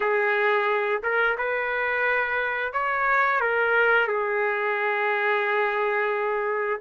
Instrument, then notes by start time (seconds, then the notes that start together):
trumpet
0.00 G#4
1.02 A#4
1.37 B4
2.73 C#5
3.40 A#4
4.07 G#4